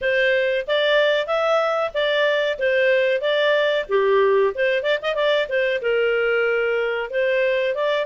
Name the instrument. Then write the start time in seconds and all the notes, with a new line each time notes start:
clarinet
0.01 C5
0.67 D5
1.26 E5
1.94 D5
2.58 C5
3.21 D5
3.89 G4
4.55 C5
4.82 D5
5.02 D#5
5.14 D5
5.48 C5
5.81 A#4
7.10 C5
7.74 D5